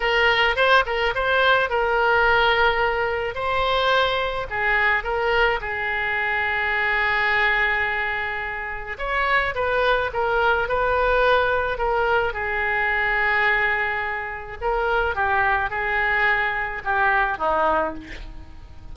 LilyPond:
\new Staff \with { instrumentName = "oboe" } { \time 4/4 \tempo 4 = 107 ais'4 c''8 ais'8 c''4 ais'4~ | ais'2 c''2 | gis'4 ais'4 gis'2~ | gis'1 |
cis''4 b'4 ais'4 b'4~ | b'4 ais'4 gis'2~ | gis'2 ais'4 g'4 | gis'2 g'4 dis'4 | }